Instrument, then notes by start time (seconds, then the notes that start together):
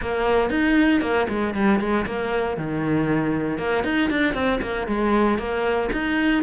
cello
0.01 A#3
0.50 D#4
1.01 A#3
1.28 G#3
1.54 G3
1.79 G#3
2.06 A#3
2.57 D#3
3.58 A#3
3.84 D#4
4.09 D4
4.33 C4
4.61 A#3
4.87 G#3
5.38 A#3
5.92 D#4